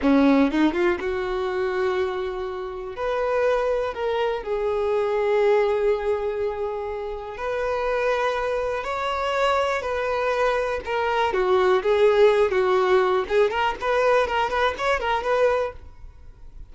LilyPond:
\new Staff \with { instrumentName = "violin" } { \time 4/4 \tempo 4 = 122 cis'4 dis'8 f'8 fis'2~ | fis'2 b'2 | ais'4 gis'2.~ | gis'2. b'4~ |
b'2 cis''2 | b'2 ais'4 fis'4 | gis'4. fis'4. gis'8 ais'8 | b'4 ais'8 b'8 cis''8 ais'8 b'4 | }